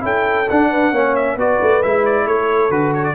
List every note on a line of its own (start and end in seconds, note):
0.00 0.47 C#4
0.00 0.44 E4
0.00 0.70 A4
0.00 0.49 G5
0.49 0.91 D4
0.49 0.94 D4
0.49 1.15 F#5
0.70 0.91 B4
0.91 1.36 A#3
0.91 1.38 C#4
0.91 1.34 C#5
1.15 1.37 E5
1.34 1.58 B3
1.34 1.83 F#4
1.34 2.23 B4
1.34 1.82 D5
1.62 1.84 A3
1.82 2.26 G#3
1.82 2.70 E4
1.82 2.05 E5
2.05 2.27 D5
2.26 2.70 A3
2.26 3.15 A4
2.26 2.71 C#5
2.70 3.14 D3
2.70 3.15 F#4
2.70 2.93 B4
2.94 3.04 C#5
3.04 3.15 D5